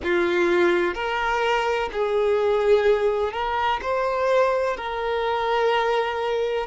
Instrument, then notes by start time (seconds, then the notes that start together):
violin
0.03 F4
0.94 A#4
1.92 G#4
3.32 A#4
3.81 C5
4.76 A#4